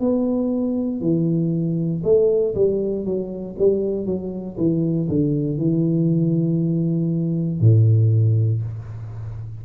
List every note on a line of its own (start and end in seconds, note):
0.00 1.01 B3
1.01 2.02 E3
2.04 2.55 A3
2.55 3.05 G3
3.05 3.56 F#3
3.59 4.06 G3
4.06 4.57 F#3
4.57 5.08 E3
5.09 5.57 D3
5.57 7.60 E3
7.60 8.62 A2